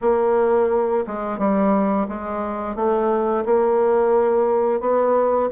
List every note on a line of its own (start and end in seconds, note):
0.01 1.04 A#3
1.06 1.38 G#3
1.38 2.07 G3
2.08 2.75 G#3
2.75 3.44 A3
3.45 4.80 A#3
4.80 5.49 B3